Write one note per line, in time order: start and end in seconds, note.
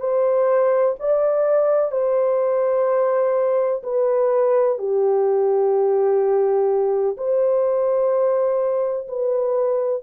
0.00 0.95 C5
1.00 1.92 D5
1.92 3.82 C5
3.83 4.78 B4
4.78 7.16 G4
7.17 9.08 C5
9.08 10.03 B4